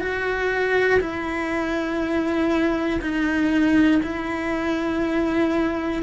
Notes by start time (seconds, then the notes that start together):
0.00 F#4
1.00 E4
3.01 D#4
4.02 E4